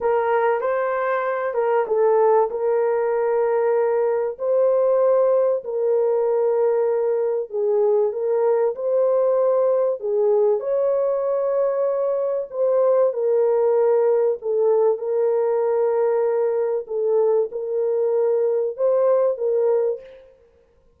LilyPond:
\new Staff \with { instrumentName = "horn" } { \time 4/4 \tempo 4 = 96 ais'4 c''4. ais'8 a'4 | ais'2. c''4~ | c''4 ais'2. | gis'4 ais'4 c''2 |
gis'4 cis''2. | c''4 ais'2 a'4 | ais'2. a'4 | ais'2 c''4 ais'4 | }